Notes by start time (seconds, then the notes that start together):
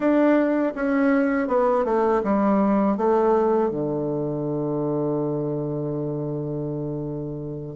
0.00 D4
0.75 C#4
1.47 B3
1.85 A3
2.23 G3
2.97 A3
3.70 D3